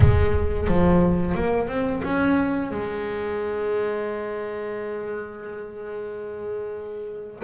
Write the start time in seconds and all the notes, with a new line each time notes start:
0.00 G#3
0.67 F3
1.35 A#3
1.68 C4
2.03 C#4
2.70 G#3